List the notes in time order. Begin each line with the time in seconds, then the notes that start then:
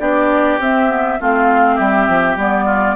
0.00 B3 D4 G4 D5
0.59 C4 E5
0.89 B3
1.20 A3 C4 F4 F5
1.76 G3 G4 E5
2.08 F3
2.36 G3 B3 D5
2.66 F4